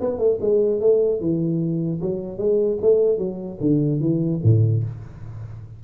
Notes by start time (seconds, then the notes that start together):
0.00 B3
0.18 A3
0.41 G#3
0.80 A3
1.20 E3
2.01 F#3
2.38 G#3
2.81 A3
3.17 F#3
3.60 D3
4.00 E3
4.43 A2